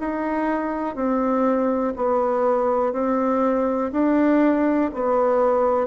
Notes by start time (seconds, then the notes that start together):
0.00 D#4
0.96 C4
1.97 B3
2.93 C4
3.93 D4
4.94 B3